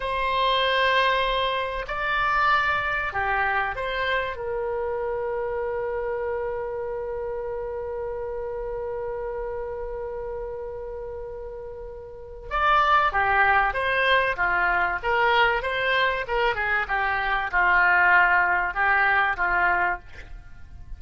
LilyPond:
\new Staff \with { instrumentName = "oboe" } { \time 4/4 \tempo 4 = 96 c''2. d''4~ | d''4 g'4 c''4 ais'4~ | ais'1~ | ais'1~ |
ais'1 | d''4 g'4 c''4 f'4 | ais'4 c''4 ais'8 gis'8 g'4 | f'2 g'4 f'4 | }